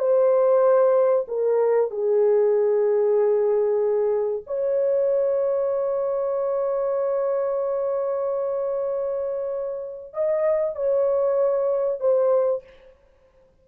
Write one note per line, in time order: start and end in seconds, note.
0.00 1.26 C5
1.28 1.91 A#4
1.91 4.44 G#4
4.47 10.14 C#5
10.14 10.76 D#5
10.76 12.01 C#5
12.01 12.64 C5